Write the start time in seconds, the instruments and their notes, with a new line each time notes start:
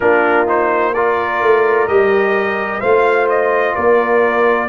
0.00 tuba A#3, trombone D4, horn F4, trumpet A#4
0.46 trombone D#4, trumpet C5
0.93 trombone F4, horn A#4, trumpet D5
1.41 tuba A3
1.87 tuba G3, trombone G4, trumpet D#5
2.79 tuba A3, trombone F4, horn C5, trumpet F5
3.29 trumpet D#5
3.75 tuba A#3, horn A#4, trumpet D5